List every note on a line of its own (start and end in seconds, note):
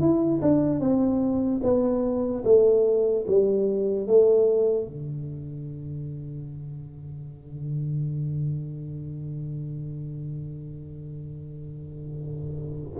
0.00 0.41 E4
0.42 0.80 D4
0.80 1.61 C4
1.63 2.44 B3
2.44 3.25 A3
3.27 4.07 G3
4.07 4.87 A3
4.87 12.98 D3